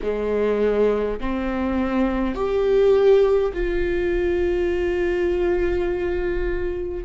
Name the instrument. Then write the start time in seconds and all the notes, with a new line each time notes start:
viola
0.02 G#3
1.20 C4
2.34 G4
3.53 F4